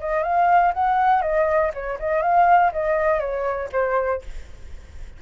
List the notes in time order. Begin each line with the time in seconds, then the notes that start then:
0.00 D#5
0.23 F5
0.74 F#5
1.22 D#5
1.74 C#5
2.00 D#5
2.22 F5
2.73 D#5
3.20 C#5
3.73 C5